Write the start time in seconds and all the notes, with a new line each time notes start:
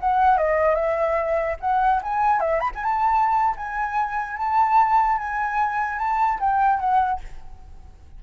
0.00 F#5
0.37 D#5
0.75 E5
1.60 F#5
2.02 G#5
2.40 E5
2.60 B5
2.75 G#5
2.83 A5
3.56 G#5
4.37 A5
5.17 G#5
5.99 A5
6.40 G5
6.79 F#5